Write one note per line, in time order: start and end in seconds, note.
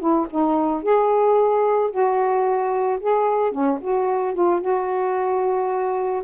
0.00 0.27 E4
0.30 0.83 D#4
0.83 1.91 G#4
1.91 3.00 F#4
3.00 3.52 G#4
3.52 3.79 C#4
3.81 4.34 F#4
4.34 4.61 F4
4.61 6.23 F#4